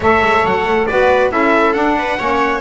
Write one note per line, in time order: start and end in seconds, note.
0.00 0.21 A3
0.00 0.89 A4
0.00 0.88 C#5
0.00 0.46 E5
0.22 0.44 G#3
0.44 0.65 F#3
0.44 0.86 F#5
0.65 0.86 A3
0.86 1.31 B3
0.86 1.30 F#4
0.86 1.31 B4
0.86 1.30 D5
1.30 1.74 C#4
1.30 1.74 E4
1.30 1.97 A4
1.30 1.73 E5
1.73 2.17 D4
1.73 2.18 D4
1.73 2.60 F#5
1.98 2.18 B4
2.18 2.60 A#3
2.18 2.60 C#4
2.18 2.60 C#5